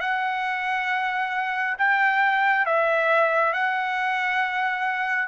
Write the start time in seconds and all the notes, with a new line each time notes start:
0.00 F#5
1.78 G5
2.66 E5
3.53 F#5